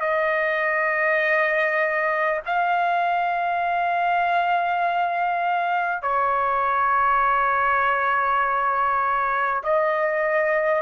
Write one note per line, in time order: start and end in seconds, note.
0.00 2.40 D#5
2.45 6.02 F5
6.02 9.62 C#5
9.63 10.82 D#5